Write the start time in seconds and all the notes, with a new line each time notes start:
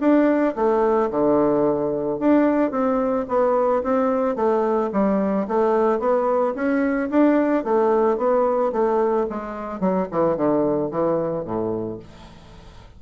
0.00 D4
0.55 A3
1.10 D3
2.19 D4
2.71 C4
3.28 B3
3.83 C4
4.35 A3
4.92 G3
5.47 A3
5.99 B3
6.55 C#4
7.10 D4
7.64 A3
8.17 B3
8.72 A3
9.30 G#3
9.80 F#3
10.11 E3
10.36 D3
10.91 E3
11.45 A2